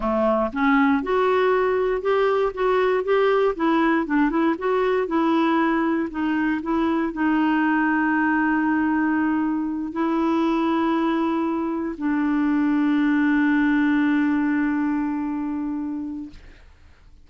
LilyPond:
\new Staff \with { instrumentName = "clarinet" } { \time 4/4 \tempo 4 = 118 a4 cis'4 fis'2 | g'4 fis'4 g'4 e'4 | d'8 e'8 fis'4 e'2 | dis'4 e'4 dis'2~ |
dis'2.~ dis'8 e'8~ | e'2.~ e'8 d'8~ | d'1~ | d'1 | }